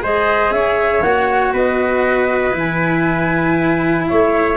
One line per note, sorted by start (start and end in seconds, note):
0.00 0.51 G#3
0.00 1.02 G#4
0.00 0.54 C5
0.00 0.52 D#5
0.51 1.01 C#4
0.51 1.53 C#5
0.51 1.02 E5
1.01 1.52 A#3
1.01 2.51 F#4
1.01 1.53 F#5
1.53 2.53 B3
1.53 4.07 B4
1.53 2.57 D#5
2.51 4.06 E3
2.51 4.54 E4
2.58 4.07 G#5
4.07 4.57 A3
4.07 4.57 C#5
4.07 4.57 E5